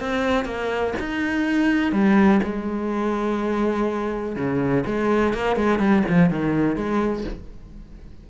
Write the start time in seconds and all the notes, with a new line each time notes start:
0.00 C4
0.45 A#3
0.99 D#4
1.92 G3
2.43 G#3
4.35 C#3
4.86 G#3
5.33 A#3
5.56 G#3
5.78 G3
6.08 F3
6.29 D#3
6.75 G#3